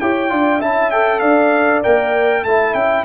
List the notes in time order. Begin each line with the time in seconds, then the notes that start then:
0.00 E4 G4 C#5 G5
0.29 D4 F4 D5
0.59 C#4 E4 E5 A5
0.91 A4 G5
1.20 D4 D5 F5
1.83 A#3 A#4 G5
2.44 A3 E4 E5 A5
2.74 C#4 G5